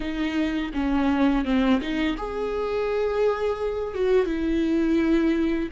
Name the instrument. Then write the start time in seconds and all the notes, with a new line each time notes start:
viola
0.00 D#4
0.73 C#4
1.44 C4
1.81 D#4
2.17 G#4
3.94 F#4
4.26 E4